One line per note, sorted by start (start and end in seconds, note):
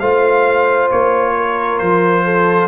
0.00 0.91 A3
0.00 2.68 F4
0.00 1.35 C5
0.00 0.90 F5
0.91 1.81 A#3
0.91 1.79 C#5
1.37 2.25 A#4
1.79 2.68 F3
1.79 2.68 C5
2.25 2.68 A4